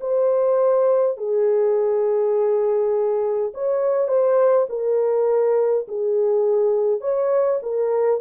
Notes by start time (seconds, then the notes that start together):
0.00 C5
1.17 G#4
3.54 C#5
4.08 C5
4.69 A#4
5.88 G#4
7.01 C#5
7.63 A#4